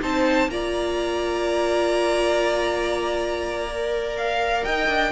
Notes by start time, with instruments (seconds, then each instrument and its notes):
0.00 cello C4, viola D#4, violin C5 A5
0.48 cello A#3, viola F4, violin D5 A#5
3.67 viola A#4
4.17 violin F5
4.64 cello D#4, violin D#5 G5
4.87 cello D4